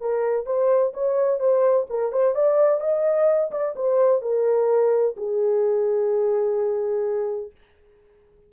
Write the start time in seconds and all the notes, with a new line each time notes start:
0.00 A#4
0.46 C5
0.93 C#5
1.40 C5
1.90 A#4
2.12 C5
2.35 D5
2.80 D#5
3.51 D5
3.75 C5
4.22 A#4
5.16 G#4